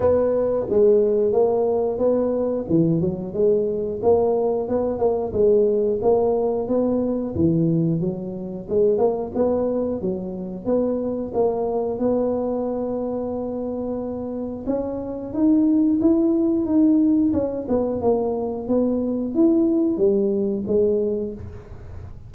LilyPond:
\new Staff \with { instrumentName = "tuba" } { \time 4/4 \tempo 4 = 90 b4 gis4 ais4 b4 | e8 fis8 gis4 ais4 b8 ais8 | gis4 ais4 b4 e4 | fis4 gis8 ais8 b4 fis4 |
b4 ais4 b2~ | b2 cis'4 dis'4 | e'4 dis'4 cis'8 b8 ais4 | b4 e'4 g4 gis4 | }